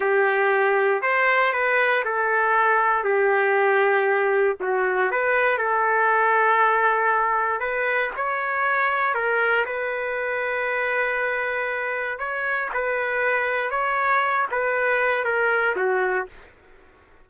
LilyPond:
\new Staff \with { instrumentName = "trumpet" } { \time 4/4 \tempo 4 = 118 g'2 c''4 b'4 | a'2 g'2~ | g'4 fis'4 b'4 a'4~ | a'2. b'4 |
cis''2 ais'4 b'4~ | b'1 | cis''4 b'2 cis''4~ | cis''8 b'4. ais'4 fis'4 | }